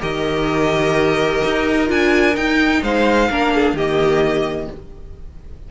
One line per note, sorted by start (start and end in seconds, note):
0.00 1.42 D#3
0.00 1.86 G4
0.00 2.81 A#4
0.00 1.89 D#5
1.44 1.89 D#4
1.86 2.36 D4
1.86 2.33 F4
1.86 2.35 G#5
2.35 3.29 D#4
2.35 2.82 D#4
2.35 2.82 G5
2.82 3.29 G#3
2.82 3.30 C5
2.82 3.77 F5
3.30 3.73 A#3
3.30 3.77 D4
3.30 3.53 A#4
3.54 3.75 G#4
3.73 4.67 D#3
3.73 4.71 A#3
3.73 4.69 G4
3.73 4.70 D#5